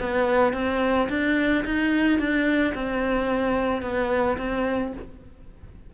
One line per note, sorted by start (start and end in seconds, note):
0.00 0.54 B3
0.54 1.09 C4
1.10 1.65 D4
1.65 2.19 D#4
2.19 2.74 D4
2.75 3.82 C4
3.82 4.37 B3
4.38 4.93 C4